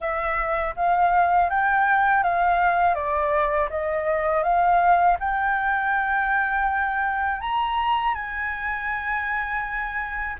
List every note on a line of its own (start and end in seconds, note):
0.00 0.74 E5
0.75 1.49 F5
1.49 2.23 G5
2.23 2.95 F5
2.95 3.68 D5
3.70 4.43 D#5
4.43 5.17 F5
5.19 7.40 G5
7.40 8.14 A#5
8.14 10.36 G#5